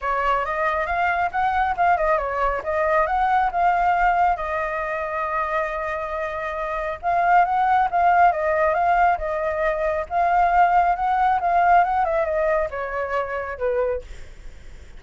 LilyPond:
\new Staff \with { instrumentName = "flute" } { \time 4/4 \tempo 4 = 137 cis''4 dis''4 f''4 fis''4 | f''8 dis''8 cis''4 dis''4 fis''4 | f''2 dis''2~ | dis''1 |
f''4 fis''4 f''4 dis''4 | f''4 dis''2 f''4~ | f''4 fis''4 f''4 fis''8 e''8 | dis''4 cis''2 b'4 | }